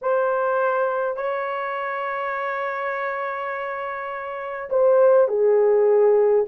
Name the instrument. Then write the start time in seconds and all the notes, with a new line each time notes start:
horn
0.01 C5
1.16 C#5
4.69 C5
5.28 G#4